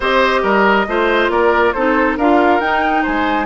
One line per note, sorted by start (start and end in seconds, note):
0.00 0.43 C4
0.00 0.88 G4
0.00 0.40 C5
0.00 1.30 D#5
0.42 0.86 G3
0.42 0.86 A#4
0.87 1.28 A3
0.87 1.75 F4
0.87 1.31 C5
1.28 1.72 A#3
1.28 1.74 A#4
1.28 1.72 D5
1.72 2.17 C4
1.72 2.19 D#4
1.72 2.17 A4
1.72 2.16 C5
2.17 2.60 D4
2.17 2.61 F4
2.17 3.02 A#4
2.17 2.60 F5
2.60 3.03 D#4
2.60 3.46 D#4
2.60 3.04 G5
3.02 3.46 G#3
3.02 3.46 C5
3.02 3.46 G#5